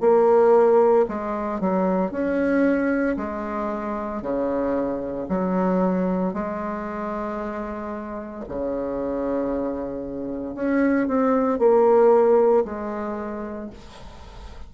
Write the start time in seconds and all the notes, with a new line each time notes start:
0.00 A#3
1.08 G#3
1.60 F#3
2.11 C#4
3.17 G#3
4.22 C#3
5.29 F#3
6.34 G#3
8.48 C#3
10.55 C#4
11.08 C4
11.59 A#3
12.65 G#3